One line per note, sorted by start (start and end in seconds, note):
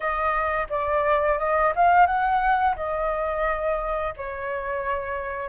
0.00 0.67 D#5
0.69 1.38 D5
1.38 1.73 D#5
1.75 2.06 F5
2.06 2.75 F#5
2.76 4.14 D#5
4.16 5.49 C#5